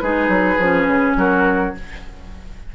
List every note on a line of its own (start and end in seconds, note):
0.00 0.29 G#3
0.00 0.60 D#4
0.00 1.17 G#4
0.00 1.14 B4
0.29 0.57 F#3
0.59 0.88 F3
0.59 1.75 C#4
0.88 1.16 C#3
1.17 1.74 F#3
1.17 1.75 F#4
1.17 1.75 A#4